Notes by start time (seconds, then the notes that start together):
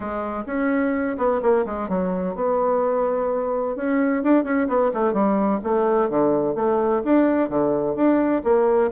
0.00 G#3
0.46 C#4
1.17 B3
1.41 A#3
1.65 G#3
1.89 F#3
2.35 B3
3.76 C#4
4.23 D4
4.44 C#4
4.67 B3
4.93 A3
5.13 G3
5.63 A3
6.09 D3
6.55 A3
7.04 D4
7.49 D3
7.95 D4
8.44 A#3